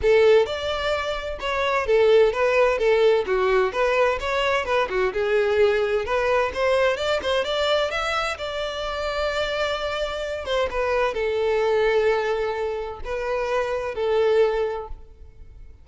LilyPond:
\new Staff \with { instrumentName = "violin" } { \time 4/4 \tempo 4 = 129 a'4 d''2 cis''4 | a'4 b'4 a'4 fis'4 | b'4 cis''4 b'8 fis'8 gis'4~ | gis'4 b'4 c''4 d''8 c''8 |
d''4 e''4 d''2~ | d''2~ d''8 c''8 b'4 | a'1 | b'2 a'2 | }